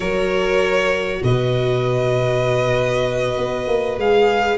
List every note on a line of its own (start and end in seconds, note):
0.00 1.21 F#3
0.00 3.98 F#4
0.00 1.19 A#4
0.00 1.22 C#5
1.23 3.37 B2
1.23 4.57 B4
1.23 3.99 D#5
3.37 3.67 B3
3.67 3.97 A#3
3.97 4.57 G#3
3.97 4.57 G#4
3.97 4.57 F5